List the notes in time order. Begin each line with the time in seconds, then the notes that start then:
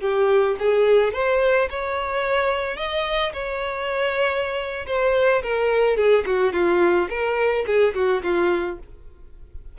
0.00 G4
0.59 G#4
1.13 C5
1.70 C#5
2.77 D#5
3.33 C#5
4.86 C5
5.42 A#4
5.96 G#4
6.26 F#4
6.53 F4
7.09 A#4
7.66 G#4
7.94 F#4
8.22 F4